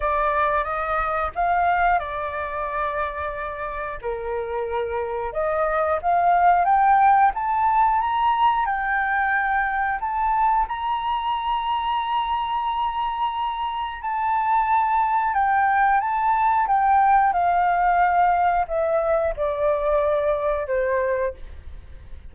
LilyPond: \new Staff \with { instrumentName = "flute" } { \time 4/4 \tempo 4 = 90 d''4 dis''4 f''4 d''4~ | d''2 ais'2 | dis''4 f''4 g''4 a''4 | ais''4 g''2 a''4 |
ais''1~ | ais''4 a''2 g''4 | a''4 g''4 f''2 | e''4 d''2 c''4 | }